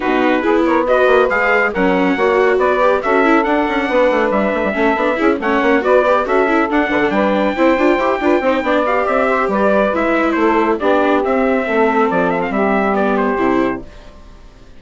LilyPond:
<<
  \new Staff \with { instrumentName = "trumpet" } { \time 4/4 \tempo 4 = 139 b'4. cis''8 dis''4 f''4 | fis''2 d''4 e''4 | fis''2 e''2~ | e''8 fis''4 d''4 e''4 fis''8~ |
fis''8 g''2.~ g''8~ | g''8 f''8 e''4 d''4 e''4 | c''4 d''4 e''2 | d''8 e''16 f''16 e''4 d''8 c''4. | }
  \new Staff \with { instrumentName = "saxophone" } { \time 4/4 fis'4 gis'8 ais'8 b'2 | ais'4 cis''4 b'4 a'4~ | a'4 b'2 a'4 | gis'8 cis''4 b'4 a'4. |
b'16 a'16 b'4 c''4. b'8 c''8 | d''4. c''8 b'2 | a'4 g'2 a'4~ | a'4 g'2. | }
  \new Staff \with { instrumentName = "viola" } { \time 4/4 dis'4 e'4 fis'4 gis'4 | cis'4 fis'4. g'8 fis'8 e'8 | d'2. cis'8 d'8 | e'8 cis'4 fis'8 g'8 fis'8 e'8 d'8~ |
d'4. e'8 f'8 g'8 f'8 dis'8 | d'8 g'2~ g'8 e'4~ | e'4 d'4 c'2~ | c'2 b4 e'4 | }
  \new Staff \with { instrumentName = "bassoon" } { \time 4/4 b,4 b4. ais8 gis4 | fis4 ais4 b4 cis'4 | d'8 cis'8 b8 a8 g8 a16 g16 a8 b8 | cis'8 a8 ais8 b4 cis'4 d'8 |
d8 g4 c'8 d'8 e'8 d'8 c'8 | b4 c'4 g4 gis4 | a4 b4 c'4 a4 | f4 g2 c4 | }
>>